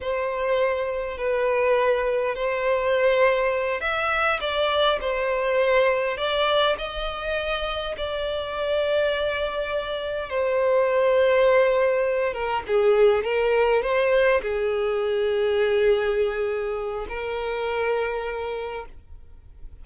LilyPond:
\new Staff \with { instrumentName = "violin" } { \time 4/4 \tempo 4 = 102 c''2 b'2 | c''2~ c''8 e''4 d''8~ | d''8 c''2 d''4 dis''8~ | dis''4. d''2~ d''8~ |
d''4. c''2~ c''8~ | c''4 ais'8 gis'4 ais'4 c''8~ | c''8 gis'2.~ gis'8~ | gis'4 ais'2. | }